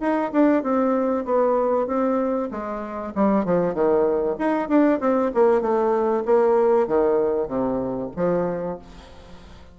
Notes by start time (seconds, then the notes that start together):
0.00 D#4
0.32 D4
0.63 C4
1.25 B3
1.87 C4
2.51 G#3
3.15 G3
3.45 F3
3.74 D#3
4.39 D#4
4.68 D4
5.00 C4
5.34 A#3
5.61 A3
6.25 A#3
6.87 D#3
7.47 C3
8.16 F3